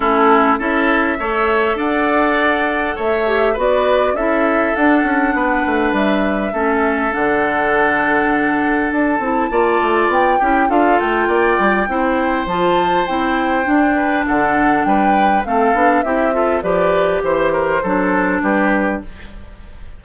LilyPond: <<
  \new Staff \with { instrumentName = "flute" } { \time 4/4 \tempo 4 = 101 a'4 e''2 fis''4~ | fis''4 e''4 d''4 e''4 | fis''2 e''2 | fis''2. a''4~ |
a''4 g''4 f''8 g''4.~ | g''4 a''4 g''2 | fis''4 g''4 f''4 e''4 | d''4 c''2 b'4 | }
  \new Staff \with { instrumentName = "oboe" } { \time 4/4 e'4 a'4 cis''4 d''4~ | d''4 cis''4 b'4 a'4~ | a'4 b'2 a'4~ | a'1 |
d''4. g'8 a'4 d''4 | c''2.~ c''8 b'8 | a'4 b'4 a'4 g'8 a'8 | b'4 c''8 ais'8 a'4 g'4 | }
  \new Staff \with { instrumentName = "clarinet" } { \time 4/4 cis'4 e'4 a'2~ | a'4. g'8 fis'4 e'4 | d'2. cis'4 | d'2.~ d'8 e'8 |
f'4. e'8 f'2 | e'4 f'4 e'4 d'4~ | d'2 c'8 d'8 e'8 f'8 | g'2 d'2 | }
  \new Staff \with { instrumentName = "bassoon" } { \time 4/4 a4 cis'4 a4 d'4~ | d'4 a4 b4 cis'4 | d'8 cis'8 b8 a8 g4 a4 | d2. d'8 c'8 |
ais8 a8 b8 cis'8 d'8 a8 ais8 g8 | c'4 f4 c'4 d'4 | d4 g4 a8 b8 c'4 | f4 e4 fis4 g4 | }
>>